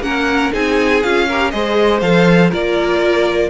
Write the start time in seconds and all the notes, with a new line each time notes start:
0.00 A#3 C#4 A#4 F#5
0.51 C4 D#4 G#4 G#5
1.02 C#4 F4 F5
1.27 G4 A#4
1.50 G#3 G#4 C5 D#5
2.00 F3 A4 F5
2.50 A#3 F4 A#4 D5